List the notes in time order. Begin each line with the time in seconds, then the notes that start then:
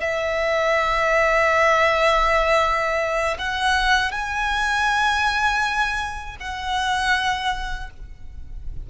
0.00 E5
3.38 F#5
4.11 G#5
6.40 F#5